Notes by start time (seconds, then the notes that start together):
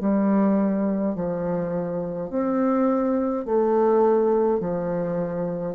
0.00 G3
1.15 F3
2.30 C4
3.45 A3
4.60 F3